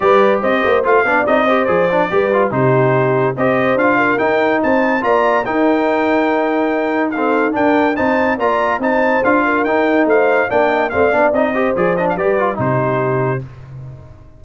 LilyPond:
<<
  \new Staff \with { instrumentName = "trumpet" } { \time 4/4 \tempo 4 = 143 d''4 dis''4 f''4 dis''4 | d''2 c''2 | dis''4 f''4 g''4 a''4 | ais''4 g''2.~ |
g''4 f''4 g''4 a''4 | ais''4 a''4 f''4 g''4 | f''4 g''4 f''4 dis''4 | d''8 dis''16 f''16 d''4 c''2 | }
  \new Staff \with { instrumentName = "horn" } { \time 4/4 b'4 c''4. d''4 c''8~ | c''4 b'4 g'2 | c''4. ais'4. c''4 | d''4 ais'2.~ |
ais'4 a'4 ais'4 c''4 | d''4 c''4. ais'4. | c''4 d''8 dis''8 d''4. c''8~ | c''4 b'4 g'2 | }
  \new Staff \with { instrumentName = "trombone" } { \time 4/4 g'2 f'8 d'8 dis'8 g'8 | gis'8 d'8 g'8 f'8 dis'2 | g'4 f'4 dis'2 | f'4 dis'2.~ |
dis'4 c'4 d'4 dis'4 | f'4 dis'4 f'4 dis'4~ | dis'4 d'4 c'8 d'8 dis'8 g'8 | gis'8 d'8 g'8 f'8 dis'2 | }
  \new Staff \with { instrumentName = "tuba" } { \time 4/4 g4 c'8 ais8 a8 b8 c'4 | f4 g4 c2 | c'4 d'4 dis'4 c'4 | ais4 dis'2.~ |
dis'2 d'4 c'4 | ais4 c'4 d'4 dis'4 | a4 ais4 a8 b8 c'4 | f4 g4 c2 | }
>>